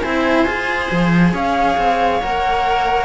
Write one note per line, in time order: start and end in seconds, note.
0.00 0.45 C4
0.00 0.47 E4
0.00 1.33 C5
0.00 1.30 G#5
0.45 0.89 F4
0.45 2.21 G#4
0.91 1.34 F3
1.33 1.77 C#4
1.33 3.05 C#5
1.33 2.22 F5
1.78 2.21 C4
2.21 3.05 A#3
2.21 3.05 A#4
2.21 3.05 F#5